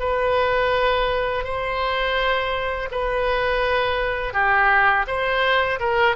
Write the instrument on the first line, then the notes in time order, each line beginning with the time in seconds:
oboe
0.00 B4
1.44 C5
2.91 B4
4.33 G4
5.07 C5
5.80 A#4